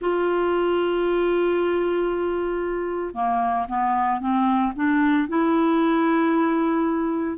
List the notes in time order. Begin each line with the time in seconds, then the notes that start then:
0.00 F4
3.14 A#3
3.68 B3
4.20 C4
4.75 D4
5.28 E4